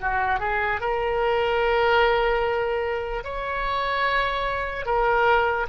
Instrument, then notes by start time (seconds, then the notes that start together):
oboe
0.00 F#4
0.39 G#4
0.80 A#4
3.24 C#5
4.85 A#4